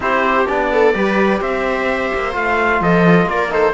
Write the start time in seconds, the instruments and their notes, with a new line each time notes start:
0.00 cello C4, trombone E4, viola G4, trumpet C5
0.47 cello B3, trombone D4, trumpet D5
0.72 viola A4
0.93 cello G3, trombone G4, viola B4
1.40 cello C4, viola C5, trumpet E5
2.14 cello A#3
2.32 cello A3, trombone F4, trumpet F5
2.80 cello F3, viola A4, trumpet D#5
3.25 cello A#3, trumpet D5
3.31 viola A#4
3.49 trombone D#4, viola A4, trumpet C5